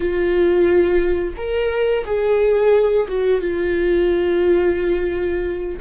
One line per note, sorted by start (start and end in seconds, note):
0.00 1.34 F4
1.36 2.05 A#4
2.05 3.07 G#4
3.08 3.40 F#4
3.40 5.79 F4